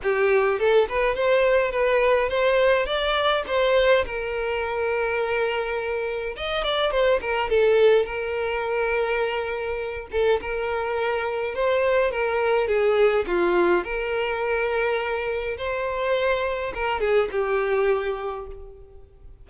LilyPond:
\new Staff \with { instrumentName = "violin" } { \time 4/4 \tempo 4 = 104 g'4 a'8 b'8 c''4 b'4 | c''4 d''4 c''4 ais'4~ | ais'2. dis''8 d''8 | c''8 ais'8 a'4 ais'2~ |
ais'4. a'8 ais'2 | c''4 ais'4 gis'4 f'4 | ais'2. c''4~ | c''4 ais'8 gis'8 g'2 | }